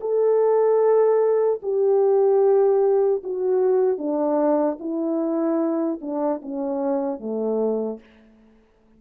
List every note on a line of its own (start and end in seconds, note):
0.00 1.60 A4
1.62 3.22 G4
3.23 3.98 F#4
3.98 4.78 D4
4.79 5.99 E4
6.01 6.41 D4
6.42 7.19 C#4
7.19 7.99 A3